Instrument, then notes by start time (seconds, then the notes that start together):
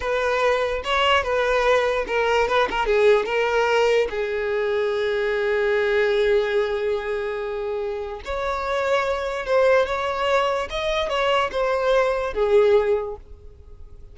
violin
0.00 B4
0.83 C#5
1.23 B4
2.07 A#4
2.48 B4
2.70 A#4
2.86 G#4
3.25 A#4
4.10 G#4
8.25 C#5
9.46 C5
9.86 C#5
10.70 D#5
11.09 C#5
11.51 C5
12.33 G#4